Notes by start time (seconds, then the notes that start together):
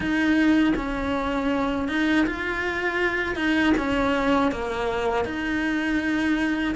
0.00 D#4
0.76 C#4
1.88 D#4
2.26 F4
3.35 D#4
3.77 C#4
4.51 A#3
5.24 D#4